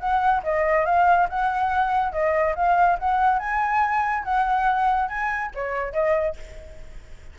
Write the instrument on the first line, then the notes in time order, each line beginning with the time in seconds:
flute
0.00 F#5
0.44 D#5
0.86 F5
1.29 F#5
2.12 D#5
2.56 F5
2.99 F#5
3.39 G#5
4.24 F#5
5.09 G#5
5.55 C#5
5.93 D#5